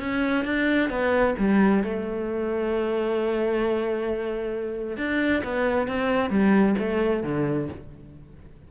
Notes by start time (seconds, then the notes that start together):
0.00 C#4
0.45 D4
0.90 B3
1.39 G3
1.84 A3
4.97 D4
5.44 B3
5.88 C4
6.30 G3
6.79 A3
7.24 D3